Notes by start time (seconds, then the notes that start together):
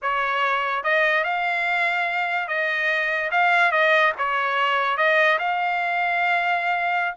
0.02 C#5
0.83 D#5
1.24 F5
2.47 D#5
3.31 F5
3.71 D#5
4.18 C#5
4.97 D#5
5.38 F5